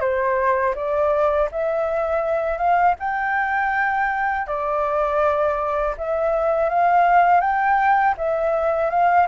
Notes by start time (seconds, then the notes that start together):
0.00 C5
0.74 D5
1.51 E5
2.57 F5
2.99 G5
4.46 D5
5.97 E5
6.69 F5
7.40 G5
8.17 E5
8.90 F5